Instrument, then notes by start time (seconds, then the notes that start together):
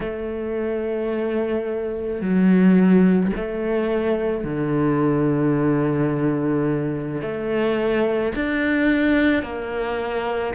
cello
0.00 A3
2.21 F#3
3.35 A3
4.44 D3
7.21 A3
8.35 D4
9.42 A#3